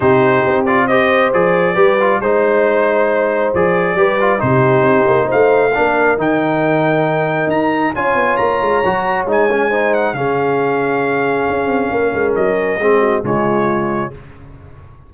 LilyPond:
<<
  \new Staff \with { instrumentName = "trumpet" } { \time 4/4 \tempo 4 = 136 c''4. d''8 dis''4 d''4~ | d''4 c''2. | d''2 c''2 | f''2 g''2~ |
g''4 ais''4 gis''4 ais''4~ | ais''4 gis''4. fis''8 f''4~ | f''1 | dis''2 cis''2 | }
  \new Staff \with { instrumentName = "horn" } { \time 4/4 g'2 c''2 | b'4 c''2.~ | c''4 b'4 g'2 | c''4 ais'2.~ |
ais'2 cis''2~ | cis''2 c''4 gis'4~ | gis'2. ais'4~ | ais'4 gis'8 fis'8 f'2 | }
  \new Staff \with { instrumentName = "trombone" } { \time 4/4 dis'4. f'8 g'4 gis'4 | g'8 f'8 dis'2. | gis'4 g'8 f'8 dis'2~ | dis'4 d'4 dis'2~ |
dis'2 f'2 | fis'4 dis'8 cis'8 dis'4 cis'4~ | cis'1~ | cis'4 c'4 gis2 | }
  \new Staff \with { instrumentName = "tuba" } { \time 4/4 c4 c'2 f4 | g4 gis2. | f4 g4 c4 c'8 ais8 | a4 ais4 dis2~ |
dis4 dis'4 cis'8 b8 ais8 gis8 | fis4 gis2 cis4~ | cis2 cis'8 c'8 ais8 gis8 | fis4 gis4 cis2 | }
>>